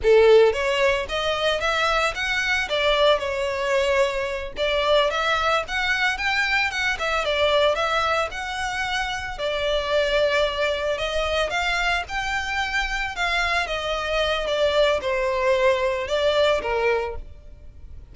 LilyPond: \new Staff \with { instrumentName = "violin" } { \time 4/4 \tempo 4 = 112 a'4 cis''4 dis''4 e''4 | fis''4 d''4 cis''2~ | cis''8 d''4 e''4 fis''4 g''8~ | g''8 fis''8 e''8 d''4 e''4 fis''8~ |
fis''4. d''2~ d''8~ | d''8 dis''4 f''4 g''4.~ | g''8 f''4 dis''4. d''4 | c''2 d''4 ais'4 | }